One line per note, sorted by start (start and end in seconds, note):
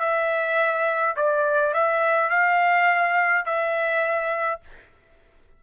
0.00 1.15 E5
1.16 1.74 D5
1.74 2.30 E5
2.30 3.45 F5
3.45 4.60 E5